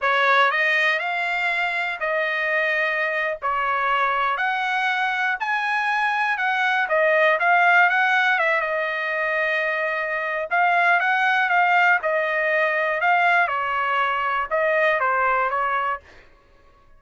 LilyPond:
\new Staff \with { instrumentName = "trumpet" } { \time 4/4 \tempo 4 = 120 cis''4 dis''4 f''2 | dis''2~ dis''8. cis''4~ cis''16~ | cis''8. fis''2 gis''4~ gis''16~ | gis''8. fis''4 dis''4 f''4 fis''16~ |
fis''8. e''8 dis''2~ dis''8.~ | dis''4 f''4 fis''4 f''4 | dis''2 f''4 cis''4~ | cis''4 dis''4 c''4 cis''4 | }